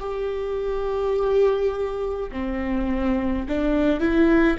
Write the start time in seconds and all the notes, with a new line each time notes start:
0.00 G4
2.32 C4
3.49 D4
4.01 E4